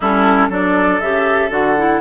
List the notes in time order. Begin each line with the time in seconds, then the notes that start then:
0.00 G3 C#4 E4 A4
0.49 F#3 D4 A4 D5
0.99 C#3 G4 E5
1.49 D3 F#4 F#5
1.77 E4